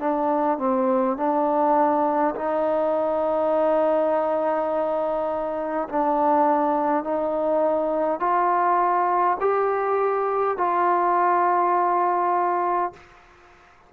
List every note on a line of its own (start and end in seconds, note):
0.00 0.58 D4
0.58 1.17 C4
1.17 2.35 D4
2.36 5.89 D#4
5.89 7.04 D4
7.04 8.20 D#4
8.20 9.38 F4
9.41 10.58 G4
10.58 12.93 F4